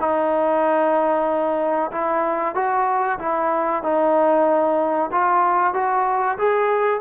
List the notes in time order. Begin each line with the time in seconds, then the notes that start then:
0.00 D#4
1.91 E4
2.55 F#4
3.19 E4
3.83 D#4
5.12 F4
5.74 F#4
6.39 G#4